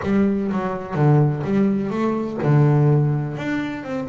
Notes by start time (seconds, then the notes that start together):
0.02 G3
0.51 F#3
0.94 D3
1.44 G3
1.90 A3
2.42 D3
3.37 D4
3.83 C4